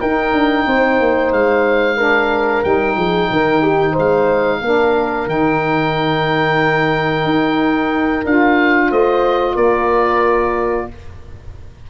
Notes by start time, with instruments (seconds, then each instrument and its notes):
0.00 saxophone D#4, tuba D#4, horn A#4, oboe G5
0.33 tuba D4
0.67 tuba C4, horn C5
1.00 tuba A#3
1.32 tuba G#3, oboe F5
1.97 saxophone D4, horn A#4
2.63 tuba G3, saxophone D#4, oboe G5
2.96 tuba F3, horn G#4
3.31 tuba D#3, horn A#4
3.62 horn G4
3.93 tuba G#3, horn C5
3.99 oboe F5
4.62 tuba A#3, saxophone D4, horn A#4
5.27 tuba D#3, saxophone D#4, oboe G5
7.25 tuba D#4
8.25 tuba D4, saxophone F4, oboe F5
8.90 tuba A3, horn C5, oboe D#5
9.55 tuba A#3, horn A#4, oboe D5